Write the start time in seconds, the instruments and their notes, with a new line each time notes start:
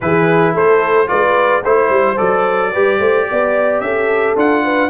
0.00 tuba E3, trombone E4, horn G#4, trumpet B4
0.53 tuba A3, horn A4, trumpet C5
1.07 tuba G#3, trombone F4, horn B4, trumpet D5
1.62 tuba A3, trombone E4, horn C5, trumpet C5
1.89 tuba G3
2.17 tuba F#3, trombone A4, trumpet D5
2.72 tuba G3, trombone G4, horn B4
2.99 tuba A3, horn C5
3.30 tuba B3, horn D5
3.80 tuba C#4, horn A4, trumpet E5
4.35 tuba D4, trombone F4, trumpet F#5
4.64 horn B4